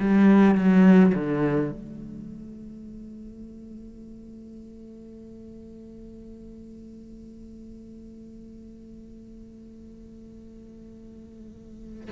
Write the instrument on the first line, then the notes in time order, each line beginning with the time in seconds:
cello
0.00 G3
0.56 F#3
1.15 D3
1.72 A3